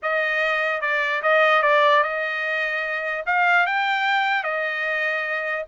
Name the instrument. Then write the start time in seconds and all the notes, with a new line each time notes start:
trumpet
0.02 D#5
0.81 D5
1.22 D#5
1.62 D5
2.03 D#5
3.25 F5
3.66 G5
4.43 D#5